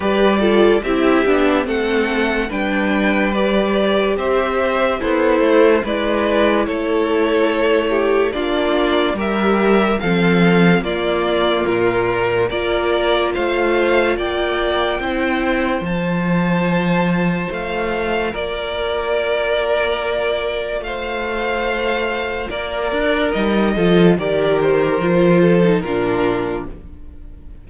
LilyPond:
<<
  \new Staff \with { instrumentName = "violin" } { \time 4/4 \tempo 4 = 72 d''4 e''4 fis''4 g''4 | d''4 e''4 c''4 d''4 | cis''2 d''4 e''4 | f''4 d''4 ais'4 d''4 |
f''4 g''2 a''4~ | a''4 f''4 d''2~ | d''4 f''2 d''4 | dis''4 d''8 c''4. ais'4 | }
  \new Staff \with { instrumentName = "violin" } { \time 4/4 b'8 a'8 g'4 a'4 b'4~ | b'4 c''4 e'4 b'4 | a'4. g'8 f'4 ais'4 | a'4 f'2 ais'4 |
c''4 d''4 c''2~ | c''2 ais'2~ | ais'4 c''2 ais'4~ | ais'8 a'8 ais'4. a'8 f'4 | }
  \new Staff \with { instrumentName = "viola" } { \time 4/4 g'8 f'8 e'8 d'8 c'4 d'4 | g'2 a'4 e'4~ | e'2 d'4 g'4 | c'4 ais2 f'4~ |
f'2 e'4 f'4~ | f'1~ | f'1 | dis'8 f'8 g'4 f'8. dis'16 d'4 | }
  \new Staff \with { instrumentName = "cello" } { \time 4/4 g4 c'8 b8 a4 g4~ | g4 c'4 b8 a8 gis4 | a2 ais4 g4 | f4 ais4 ais,4 ais4 |
a4 ais4 c'4 f4~ | f4 a4 ais2~ | ais4 a2 ais8 d'8 | g8 f8 dis4 f4 ais,4 | }
>>